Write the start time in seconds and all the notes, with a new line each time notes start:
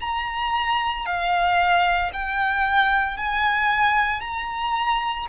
0.00 A#5
1.05 F5
2.12 G5
3.16 G#5
4.21 A#5